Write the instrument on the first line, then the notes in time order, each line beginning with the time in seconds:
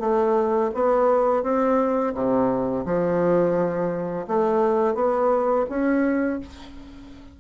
bassoon
0.00 A3
0.74 B3
1.43 C4
2.15 C3
2.86 F3
4.28 A3
4.95 B3
5.70 C#4